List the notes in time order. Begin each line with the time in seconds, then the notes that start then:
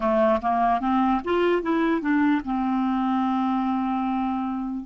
0.00 A3
0.41 A#3
0.80 C4
1.24 F4
1.62 E4
2.01 D4
2.44 C4